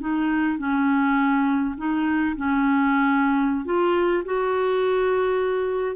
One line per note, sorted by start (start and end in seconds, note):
0.00 0.58 D#4
0.58 1.74 C#4
1.77 2.35 D#4
2.36 3.65 C#4
3.65 4.23 F4
4.25 5.96 F#4